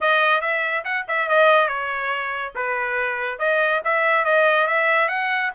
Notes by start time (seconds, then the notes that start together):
0.01 D#5
0.41 E5
0.84 F#5
1.08 E5
1.29 D#5
1.68 C#5
2.55 B4
3.38 D#5
3.84 E5
4.24 D#5
4.67 E5
5.08 F#5